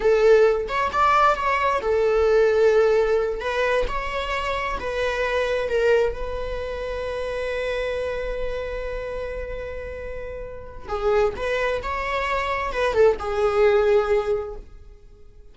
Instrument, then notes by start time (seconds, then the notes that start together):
viola
0.00 A4
0.68 C#5
0.92 D5
1.35 C#5
1.81 A4
3.40 B4
3.87 C#5
4.79 B4
5.68 A#4
6.13 B4
10.88 G#4
11.36 B4
11.82 C#5
12.72 B4
12.93 A4
13.19 G#4